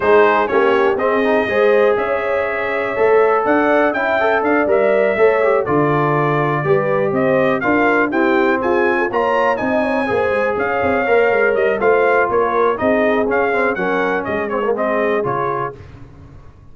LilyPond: <<
  \new Staff \with { instrumentName = "trumpet" } { \time 4/4 \tempo 4 = 122 c''4 cis''4 dis''2 | e''2. fis''4 | g''4 f''8 e''2 d''8~ | d''2~ d''8 dis''4 f''8~ |
f''8 g''4 gis''4 ais''4 gis''8~ | gis''4. f''2 dis''8 | f''4 cis''4 dis''4 f''4 | fis''4 dis''8 cis''8 dis''4 cis''4 | }
  \new Staff \with { instrumentName = "horn" } { \time 4/4 gis'4 g'4 gis'4 c''4 | cis''2. d''4 | e''4 d''4. cis''4 a'8~ | a'4. b'4 c''4 ais'8~ |
ais'8 g'4 gis'8. a'16 cis''4 dis''8 | cis''8 c''4 cis''2~ cis''8 | c''4 ais'4 gis'2 | ais'4 gis'2. | }
  \new Staff \with { instrumentName = "trombone" } { \time 4/4 dis'4 cis'4 c'8 dis'8 gis'4~ | gis'2 a'2 | e'8 a'4 ais'4 a'8 g'8 f'8~ | f'4. g'2 f'8~ |
f'8 c'2 f'4 dis'8~ | dis'8 gis'2 ais'4. | f'2 dis'4 cis'8 c'8 | cis'4. c'16 ais16 c'4 f'4 | }
  \new Staff \with { instrumentName = "tuba" } { \time 4/4 gis4 ais4 c'4 gis4 | cis'2 a4 d'4 | cis'4 d'8 g4 a4 d8~ | d4. g4 c'4 d'8~ |
d'8 e'4 f'4 ais4 c'8~ | c'8 ais8 gis8 cis'8 c'8 ais8 gis8 g8 | a4 ais4 c'4 cis'4 | fis4 gis2 cis4 | }
>>